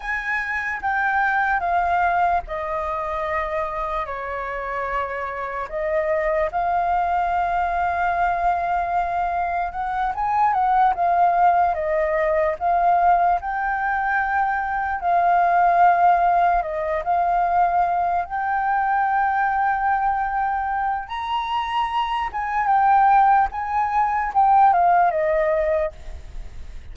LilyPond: \new Staff \with { instrumentName = "flute" } { \time 4/4 \tempo 4 = 74 gis''4 g''4 f''4 dis''4~ | dis''4 cis''2 dis''4 | f''1 | fis''8 gis''8 fis''8 f''4 dis''4 f''8~ |
f''8 g''2 f''4.~ | f''8 dis''8 f''4. g''4.~ | g''2 ais''4. gis''8 | g''4 gis''4 g''8 f''8 dis''4 | }